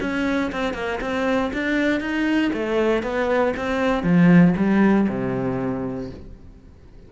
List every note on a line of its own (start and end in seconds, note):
0.00 0.51 C#4
0.52 0.73 C4
0.73 0.99 A#3
1.01 1.51 C4
1.53 2.00 D4
2.00 2.51 D#4
2.53 3.02 A3
3.02 3.53 B3
3.56 4.03 C4
4.03 4.54 F3
4.56 5.07 G3
5.08 6.10 C3